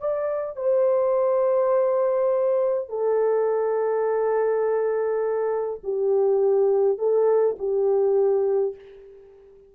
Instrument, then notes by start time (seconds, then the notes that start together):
horn
0.00 D5
0.56 C5
2.89 A4
5.83 G4
6.98 A4
7.59 G4